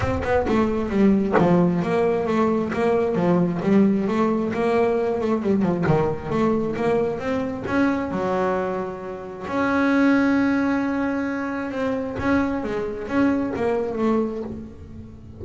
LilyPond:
\new Staff \with { instrumentName = "double bass" } { \time 4/4 \tempo 4 = 133 c'8 b8 a4 g4 f4 | ais4 a4 ais4 f4 | g4 a4 ais4. a8 | g8 f8 dis4 a4 ais4 |
c'4 cis'4 fis2~ | fis4 cis'2.~ | cis'2 c'4 cis'4 | gis4 cis'4 ais4 a4 | }